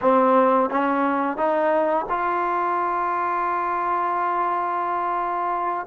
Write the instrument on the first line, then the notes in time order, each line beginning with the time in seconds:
trombone
0.01 C4
0.70 C#4
1.37 D#4
2.09 F4